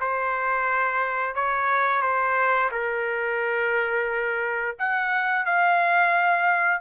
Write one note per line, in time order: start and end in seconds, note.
0.00 1.35 C5
1.35 2.02 C#5
2.02 2.70 C5
2.71 4.76 A#4
4.79 5.45 F#5
5.45 6.81 F5